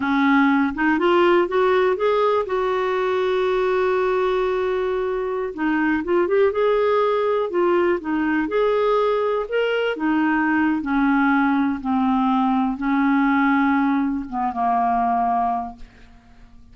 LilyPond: \new Staff \with { instrumentName = "clarinet" } { \time 4/4 \tempo 4 = 122 cis'4. dis'8 f'4 fis'4 | gis'4 fis'2.~ | fis'2.~ fis'16 dis'8.~ | dis'16 f'8 g'8 gis'2 f'8.~ |
f'16 dis'4 gis'2 ais'8.~ | ais'16 dis'4.~ dis'16 cis'2 | c'2 cis'2~ | cis'4 b8 ais2~ ais8 | }